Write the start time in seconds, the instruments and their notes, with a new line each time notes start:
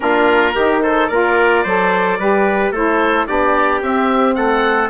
0.00 bassoon A#3, saxophone D4, trumpet F4, oboe A#4
0.54 bassoon D#3, saxophone D#4, trumpet G4
0.82 trumpet A4, oboe C5
1.07 bassoon A#3, saxophone F4, trumpet A#4, oboe D5
1.63 bassoon F#3, saxophone A4, trumpet C5
2.19 bassoon G3, saxophone G4, trumpet B4
2.70 bassoon A3, saxophone E4, trumpet A4, oboe C5
3.26 bassoon B3, saxophone D4, trumpet G4, oboe D5
3.81 bassoon C4, saxophone C4, oboe E5
4.34 bassoon A3, trumpet A4, oboe F#5